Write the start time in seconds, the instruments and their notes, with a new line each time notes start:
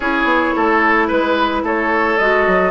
0.00 bassoon C#4, clarinet E4, oboe G#4, flute C#5
0.23 bassoon B3
0.56 bassoon A3, oboe A4
1.07 bassoon G#3, oboe B4, flute B4
1.62 bassoon A3, oboe A4, flute C#5
2.17 bassoon G#3, clarinet F#4, flute D#5
2.46 bassoon F#3